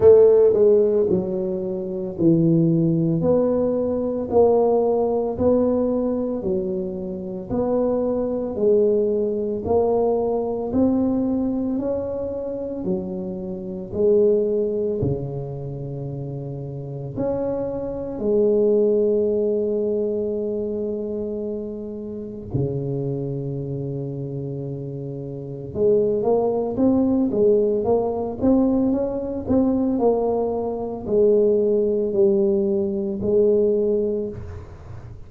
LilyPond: \new Staff \with { instrumentName = "tuba" } { \time 4/4 \tempo 4 = 56 a8 gis8 fis4 e4 b4 | ais4 b4 fis4 b4 | gis4 ais4 c'4 cis'4 | fis4 gis4 cis2 |
cis'4 gis2.~ | gis4 cis2. | gis8 ais8 c'8 gis8 ais8 c'8 cis'8 c'8 | ais4 gis4 g4 gis4 | }